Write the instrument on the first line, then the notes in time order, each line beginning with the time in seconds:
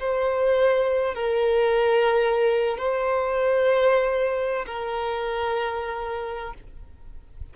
violin
0.00 C5
1.15 A#4
2.78 C5
4.67 A#4